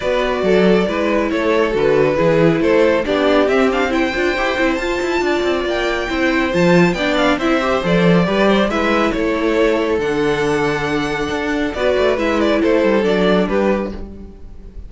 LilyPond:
<<
  \new Staff \with { instrumentName = "violin" } { \time 4/4 \tempo 4 = 138 d''2. cis''4 | b'2 c''4 d''4 | e''8 f''8 g''2 a''4~ | a''4 g''2 a''4 |
g''8 f''8 e''4 d''2 | e''4 cis''2 fis''4~ | fis''2. d''4 | e''8 d''8 c''4 d''4 b'4 | }
  \new Staff \with { instrumentName = "violin" } { \time 4/4 b'4 a'4 b'4 a'4~ | a'4 gis'4 a'4 g'4~ | g'4 c''2. | d''2 c''2 |
d''4 c''2 b'8 c''8 | b'4 a'2.~ | a'2. b'4~ | b'4 a'2 g'4 | }
  \new Staff \with { instrumentName = "viola" } { \time 4/4 fis'2 e'2 | fis'4 e'2 d'4 | c'8 d'8 e'8 f'8 g'8 e'8 f'4~ | f'2 e'4 f'4 |
d'4 e'8 g'8 a'4 g'4 | e'2. d'4~ | d'2. fis'4 | e'2 d'2 | }
  \new Staff \with { instrumentName = "cello" } { \time 4/4 b4 fis4 gis4 a4 | d4 e4 a4 b4 | c'4. d'8 e'8 c'8 f'8 e'8 | d'8 c'8 ais4 c'4 f4 |
b4 c'4 f4 g4 | gis4 a2 d4~ | d2 d'4 b8 a8 | gis4 a8 g8 fis4 g4 | }
>>